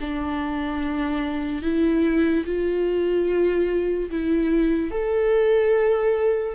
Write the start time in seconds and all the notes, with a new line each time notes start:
0.00 D4
1.62 E4
2.45 F4
4.10 E4
4.90 A4